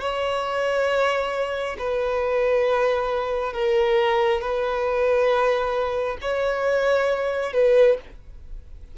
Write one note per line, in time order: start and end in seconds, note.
0.00 1.76 C#5
1.79 3.53 B4
3.53 4.41 A#4
4.41 6.17 B4
6.22 7.53 C#5
7.53 7.97 B4